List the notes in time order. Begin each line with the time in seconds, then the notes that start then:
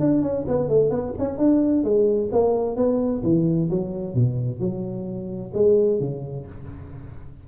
0.00 D4
0.22 C#4
0.48 B3
0.69 A3
0.90 B3
1.19 C#4
1.38 D4
1.84 G#3
2.32 A#3
2.76 B3
3.23 E3
3.70 F#3
4.15 B2
4.60 F#3
5.54 G#3
6.00 C#3